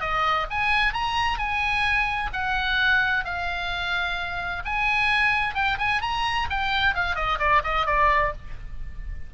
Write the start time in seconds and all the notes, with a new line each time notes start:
0.00 D#5
0.50 G#5
0.93 A#5
1.38 G#5
2.32 F#5
3.24 F5
4.64 G#5
5.54 G5
5.78 G#5
6.01 A#5
6.49 G5
6.94 F5
7.15 D#5
7.39 D5
7.63 D#5
7.86 D5